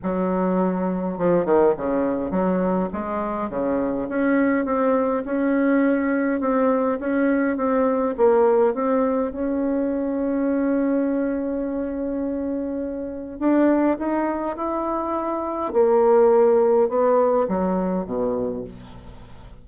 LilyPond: \new Staff \with { instrumentName = "bassoon" } { \time 4/4 \tempo 4 = 103 fis2 f8 dis8 cis4 | fis4 gis4 cis4 cis'4 | c'4 cis'2 c'4 | cis'4 c'4 ais4 c'4 |
cis'1~ | cis'2. d'4 | dis'4 e'2 ais4~ | ais4 b4 fis4 b,4 | }